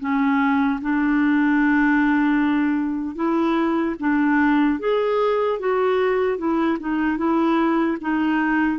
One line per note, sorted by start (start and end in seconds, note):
0.00 0.80 C#4
0.81 3.16 D4
3.16 3.96 E4
4.00 4.80 D4
4.80 5.60 G#4
5.60 6.38 F#4
6.38 6.78 E4
6.80 7.17 D#4
7.17 7.97 E4
8.01 8.79 D#4